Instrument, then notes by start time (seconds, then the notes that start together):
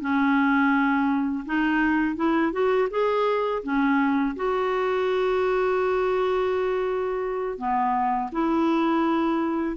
clarinet
0.00 C#4
1.46 D#4
2.16 E4
2.52 F#4
2.90 G#4
3.63 C#4
4.36 F#4
7.57 B3
8.32 E4